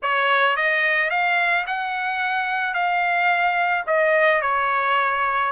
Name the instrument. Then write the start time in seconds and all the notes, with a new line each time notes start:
trumpet
0.02 C#5
0.56 D#5
1.10 F5
1.66 F#5
2.73 F5
3.86 D#5
4.41 C#5